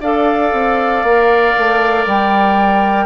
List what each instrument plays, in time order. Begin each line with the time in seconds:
0.00 bassoon D4, clarinet A4, oboe D5, flute F5
0.52 bassoon C4
1.03 bassoon A#3, clarinet A#4
1.57 bassoon A3
2.06 bassoon G3, flute G5